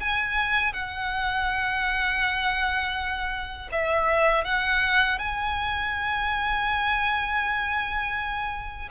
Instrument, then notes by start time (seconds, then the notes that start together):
violin
0.00 G#5
0.73 F#5
3.72 E5
4.44 F#5
5.19 G#5